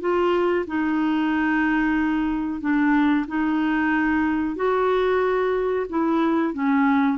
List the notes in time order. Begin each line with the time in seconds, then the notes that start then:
0.00 F4
0.67 D#4
2.60 D4
3.27 D#4
4.56 F#4
5.89 E4
6.53 C#4